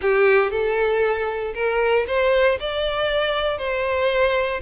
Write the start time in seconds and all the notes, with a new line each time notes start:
0.01 G4
0.51 A4
1.54 A#4
2.07 C5
2.59 D5
3.58 C5